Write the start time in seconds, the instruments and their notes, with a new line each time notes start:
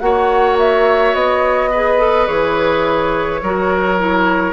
0.00 bassoon A#3, clarinet F#4, oboe C#5, flute F#5
0.58 flute E5
1.14 bassoon B3, flute D#5
1.71 clarinet G#4, oboe B4
1.99 clarinet A4
2.27 bassoon E3, clarinet G#4, flute C#5
3.42 bassoon F#3, clarinet F#4, oboe A#4
3.99 clarinet E4